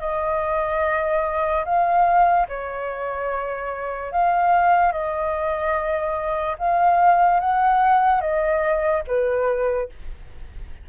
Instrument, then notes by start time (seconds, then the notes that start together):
flute
0.00 D#5
1.65 F5
2.49 C#5
4.12 F5
4.92 D#5
6.59 F5
7.40 F#5
8.21 D#5
9.07 B4